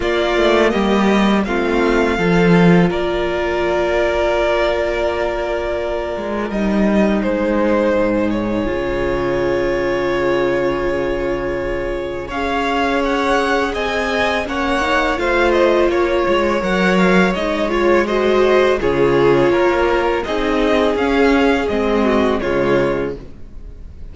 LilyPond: <<
  \new Staff \with { instrumentName = "violin" } { \time 4/4 \tempo 4 = 83 d''4 dis''4 f''2 | d''1~ | d''4 dis''4 c''4. cis''8~ | cis''1~ |
cis''4 f''4 fis''4 gis''4 | fis''4 f''8 dis''8 cis''4 fis''8 f''8 | dis''8 cis''8 dis''4 cis''2 | dis''4 f''4 dis''4 cis''4 | }
  \new Staff \with { instrumentName = "violin" } { \time 4/4 f'4 g'4 f'4 a'4 | ais'1~ | ais'2 gis'2~ | gis'1~ |
gis'4 cis''2 dis''4 | cis''4 c''4 cis''2~ | cis''4 c''4 gis'4 ais'4 | gis'2~ gis'8 fis'8 f'4 | }
  \new Staff \with { instrumentName = "viola" } { \time 4/4 ais2 c'4 f'4~ | f'1~ | f'4 dis'2. | f'1~ |
f'4 gis'2. | cis'8 dis'8 f'2 ais'4 | dis'8 f'8 fis'4 f'2 | dis'4 cis'4 c'4 gis4 | }
  \new Staff \with { instrumentName = "cello" } { \time 4/4 ais8 a8 g4 a4 f4 | ais1~ | ais8 gis8 g4 gis4 gis,4 | cis1~ |
cis4 cis'2 c'4 | ais4 a4 ais8 gis8 fis4 | gis2 cis4 ais4 | c'4 cis'4 gis4 cis4 | }
>>